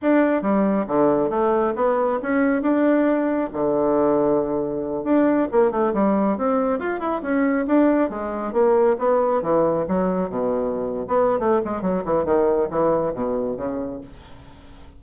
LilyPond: \new Staff \with { instrumentName = "bassoon" } { \time 4/4 \tempo 4 = 137 d'4 g4 d4 a4 | b4 cis'4 d'2 | d2.~ d8 d'8~ | d'8 ais8 a8 g4 c'4 f'8 |
e'8 cis'4 d'4 gis4 ais8~ | ais8 b4 e4 fis4 b,8~ | b,4~ b,16 b8. a8 gis8 fis8 e8 | dis4 e4 b,4 cis4 | }